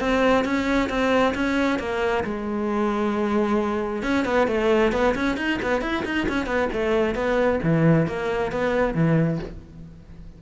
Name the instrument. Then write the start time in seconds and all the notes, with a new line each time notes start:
cello
0.00 C4
0.45 C#4
0.90 C4
1.35 C#4
1.79 A#3
2.24 G#3
4.03 C#4
4.25 B3
4.47 A3
4.93 B3
5.15 C#4
5.37 D#4
5.62 B3
5.82 E4
6.05 D#4
6.29 C#4
6.46 B3
6.73 A3
7.15 B3
7.63 E3
8.07 A#3
8.52 B3
8.94 E3